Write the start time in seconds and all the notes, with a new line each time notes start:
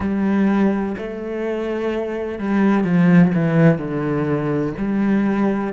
0.00 G3
0.97 A3
2.39 G3
2.84 F3
3.34 E3
3.77 D3
4.77 G3